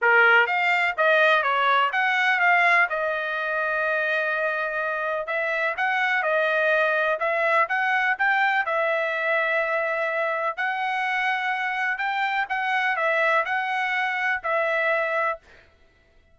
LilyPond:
\new Staff \with { instrumentName = "trumpet" } { \time 4/4 \tempo 4 = 125 ais'4 f''4 dis''4 cis''4 | fis''4 f''4 dis''2~ | dis''2. e''4 | fis''4 dis''2 e''4 |
fis''4 g''4 e''2~ | e''2 fis''2~ | fis''4 g''4 fis''4 e''4 | fis''2 e''2 | }